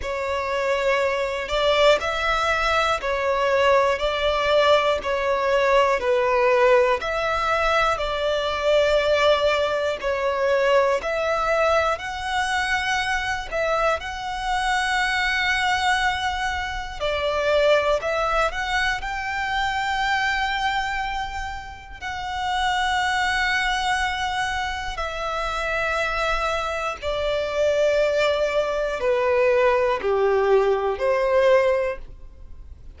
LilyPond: \new Staff \with { instrumentName = "violin" } { \time 4/4 \tempo 4 = 60 cis''4. d''8 e''4 cis''4 | d''4 cis''4 b'4 e''4 | d''2 cis''4 e''4 | fis''4. e''8 fis''2~ |
fis''4 d''4 e''8 fis''8 g''4~ | g''2 fis''2~ | fis''4 e''2 d''4~ | d''4 b'4 g'4 c''4 | }